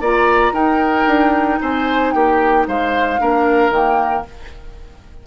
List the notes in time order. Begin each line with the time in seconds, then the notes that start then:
0.00 A#3 F4 D5 A#5
0.52 D#4 A#4 G5
1.06 D4
1.61 C4 C5 G#5
2.12 A#3 G4 G5
2.67 G#3 C5 F5
3.19 A#3 D4 A#4
3.69 D#3 A#3 G5